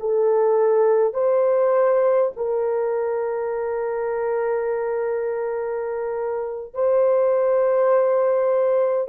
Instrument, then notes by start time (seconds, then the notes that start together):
horn
0.00 A4
1.14 C5
2.36 A#4
6.74 C5